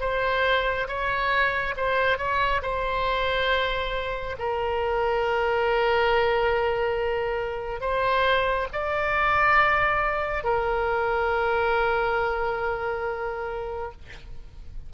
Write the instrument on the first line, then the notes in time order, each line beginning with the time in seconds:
oboe
0.00 C5
0.87 C#5
1.77 C5
2.18 C#5
2.62 C5
4.38 A#4
7.80 C5
8.72 D5
10.43 A#4